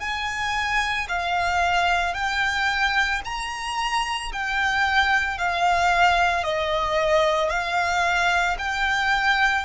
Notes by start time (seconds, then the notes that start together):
0.00 G#5
1.08 F5
2.14 G5
3.25 A#5
4.32 G5
5.38 F5
6.44 D#5
7.50 F5
8.58 G5